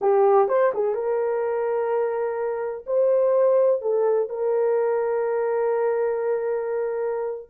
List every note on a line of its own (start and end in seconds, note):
0.01 0.48 G4
0.48 0.72 C5
0.74 0.94 G#4
0.94 2.84 A#4
2.86 3.81 C5
3.81 4.29 A4
4.29 7.50 A#4